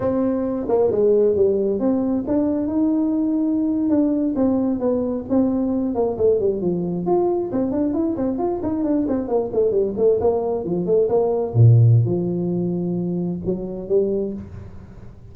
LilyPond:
\new Staff \with { instrumentName = "tuba" } { \time 4/4 \tempo 4 = 134 c'4. ais8 gis4 g4 | c'4 d'4 dis'2~ | dis'8. d'4 c'4 b4 c'16~ | c'4~ c'16 ais8 a8 g8 f4 f'16~ |
f'8. c'8 d'8 e'8 c'8 f'8 dis'8 d'16~ | d'16 c'8 ais8 a8 g8 a8 ais4 f16~ | f16 a8 ais4 ais,4~ ais,16 f4~ | f2 fis4 g4 | }